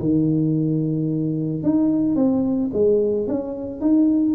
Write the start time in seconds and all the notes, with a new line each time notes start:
0.00 D#3
1.64 D#4
2.16 C4
2.74 G#3
3.28 C#4
3.81 D#4